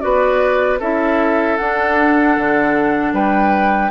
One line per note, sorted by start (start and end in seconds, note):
0.00 0.80 B3
0.00 0.78 F#4
0.00 0.79 B4
0.00 0.78 D5
0.79 1.58 C#4
0.79 1.59 E4
0.79 3.13 A4
0.79 1.57 E5
1.57 3.91 D4
1.57 2.37 D4
1.57 3.13 F#5
2.37 3.13 D3
3.13 3.91 G3
3.13 3.91 B4
3.13 3.91 G5